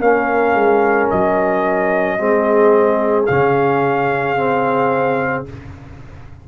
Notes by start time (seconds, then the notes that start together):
0.00 A#3 C#4 A#4 F5
0.55 G#3
1.10 F#3 D#5
2.18 G#3 C4 G#4
3.26 C#3 C#4 F5
4.37 C4